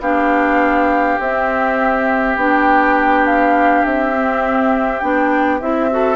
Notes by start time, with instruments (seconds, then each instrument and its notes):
0.00 bassoon B3, clarinet D4, oboe G4, flute F5
1.19 bassoon C4, clarinet C4, flute E5
2.37 bassoon B3, clarinet D4, flute G5
3.27 flute F5
3.86 bassoon C4, flute E5
4.14 clarinet C4
5.00 bassoon B3, clarinet D4, flute G5
5.61 bassoon C4, clarinet E4, flute E5
5.91 clarinet F#4, oboe A4